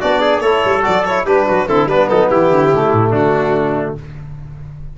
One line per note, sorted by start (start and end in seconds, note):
0.00 0.42 B3
0.00 0.43 D4
0.00 0.21 F#4
0.00 0.41 D5
0.21 0.42 G#4
0.41 0.62 A3
0.41 0.83 E4
0.41 1.25 A4
0.41 0.82 C#5
0.65 0.86 G3
0.83 1.26 F#3
0.83 1.03 F#4
0.83 1.05 D5
1.05 1.26 E4
1.05 1.26 C#5
1.26 1.47 G3
1.26 1.68 D4
1.26 1.47 G4
1.26 1.68 B4
1.47 1.69 F#3
1.47 1.68 F#4
1.68 1.86 D3
1.68 1.89 C4
1.68 1.90 E4
1.68 1.88 A4
1.86 2.07 G3
1.86 2.73 B3
1.86 2.11 D4
1.86 2.09 B4
2.09 2.32 F#3
2.09 2.31 D#4
2.09 2.29 A4
2.29 2.50 E3
2.29 3.11 E4
2.29 3.13 G4
2.50 2.71 D3
2.73 2.93 C#3
2.73 3.98 A3
2.93 3.12 A2
3.11 3.96 D3
3.11 3.95 D4
3.11 3.96 F#4